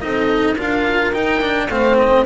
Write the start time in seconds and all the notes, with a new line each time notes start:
0.00 C4 D#4 A4 D#5
0.56 D4 F4 A#4 F5
1.13 D#4 G5
1.41 D4
1.69 A3 C4 C5 F5
1.97 D#5